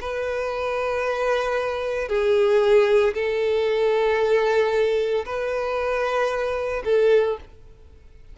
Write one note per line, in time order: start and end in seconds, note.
0.00 2.08 B4
2.08 3.13 G#4
3.14 5.24 A4
5.25 6.83 B4
6.84 7.37 A4